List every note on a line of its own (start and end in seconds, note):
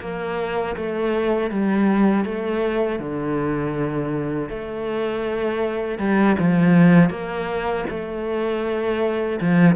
0.00 0.75 A#3
0.76 1.50 A3
1.50 2.24 G3
2.24 2.99 A3
2.99 4.49 D3
4.49 5.98 A3
5.98 6.35 G3
6.38 7.09 F3
7.09 7.84 A#3
7.89 9.39 A3
9.41 9.75 F3